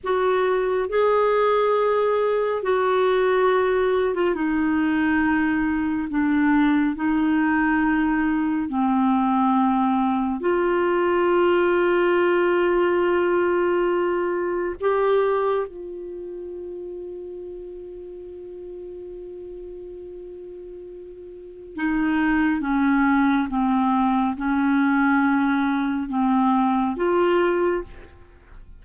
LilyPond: \new Staff \with { instrumentName = "clarinet" } { \time 4/4 \tempo 4 = 69 fis'4 gis'2 fis'4~ | fis'8. f'16 dis'2 d'4 | dis'2 c'2 | f'1~ |
f'4 g'4 f'2~ | f'1~ | f'4 dis'4 cis'4 c'4 | cis'2 c'4 f'4 | }